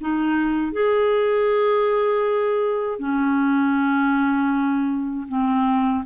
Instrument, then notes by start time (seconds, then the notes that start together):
clarinet
0.00 D#4
0.72 G#4
2.99 C#4
5.28 C4